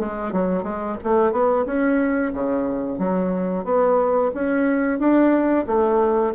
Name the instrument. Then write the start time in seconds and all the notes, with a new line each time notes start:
bassoon
0.00 G#3
0.33 F#3
0.64 G#3
1.04 A3
1.32 B3
1.66 C#4
2.34 C#3
2.99 F#3
3.65 B3
4.35 C#4
4.99 D4
5.67 A3